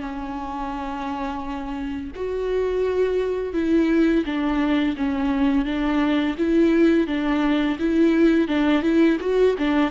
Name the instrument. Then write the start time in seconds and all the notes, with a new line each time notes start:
viola
0.00 C#4
2.15 F#4
3.54 E4
4.25 D4
4.96 C#4
5.65 D4
6.38 E4
7.07 D4
7.79 E4
8.48 D4
8.82 E4
9.21 F#4
9.58 D4